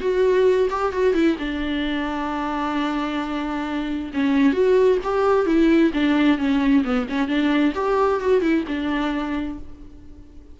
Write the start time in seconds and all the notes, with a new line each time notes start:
0.00 F#4
0.70 G4
0.92 F#4
1.14 E4
1.39 D4
4.13 C#4
4.52 F#4
5.03 G4
5.46 E4
5.93 D4
6.38 C#4
6.84 B3
7.09 C#4
7.27 D4
7.75 G4
8.20 F#4
8.41 E4
8.67 D4